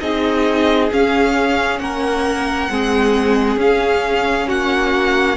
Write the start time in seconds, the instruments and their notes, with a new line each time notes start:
0.00 cello C4, viola D#4, violin G#4 D#5
0.92 viola C#4, cello C#4, violin F5
1.80 cello A#3, violin A#4 F#5
2.70 cello G#3, viola C4, violin G#4
3.57 cello C#4, viola C#4, violin F5
4.49 cello A#3, violin F#4 F#5